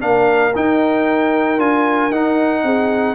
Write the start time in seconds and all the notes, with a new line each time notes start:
0.00 A#3 D4 A#4 F5
0.55 D#4 G5
1.58 D4 F4 G#5
2.11 D#4 F#5
2.64 C4 G#4